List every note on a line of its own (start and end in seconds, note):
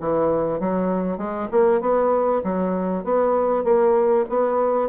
0.00 0.60 E3
0.60 1.18 F#3
1.18 1.49 G#3
1.51 1.81 A#3
1.81 2.42 B3
2.44 3.04 F#3
3.04 3.64 B3
3.64 4.25 A#3
4.30 4.90 B3